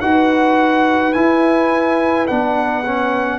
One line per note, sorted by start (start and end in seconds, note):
0.00 1.14 D#4
0.00 1.14 F#4
0.00 3.38 B4
0.00 1.13 F#5
1.13 2.27 E4
1.13 2.29 E4
1.13 2.26 G#5
2.27 3.38 B3
2.27 2.84 D4
2.27 3.38 F#5
2.85 3.38 C#4